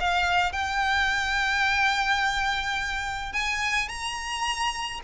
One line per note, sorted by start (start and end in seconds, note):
0.00 0.53 F5
0.53 3.33 G5
3.33 3.88 G#5
3.88 5.00 A#5